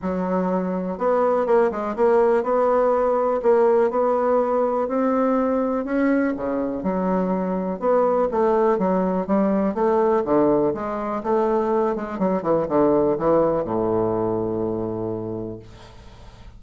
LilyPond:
\new Staff \with { instrumentName = "bassoon" } { \time 4/4 \tempo 4 = 123 fis2 b4 ais8 gis8 | ais4 b2 ais4 | b2 c'2 | cis'4 cis4 fis2 |
b4 a4 fis4 g4 | a4 d4 gis4 a4~ | a8 gis8 fis8 e8 d4 e4 | a,1 | }